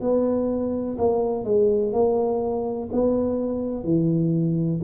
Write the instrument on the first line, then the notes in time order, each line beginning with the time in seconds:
tuba
0.00 B3
0.98 A#3
1.44 G#3
1.92 A#3
2.92 B3
3.84 E3